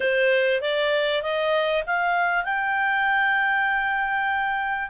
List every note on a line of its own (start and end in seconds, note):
0.00 0.61 C5
0.61 1.22 D5
1.22 1.83 D#5
1.86 2.44 F5
2.44 4.89 G5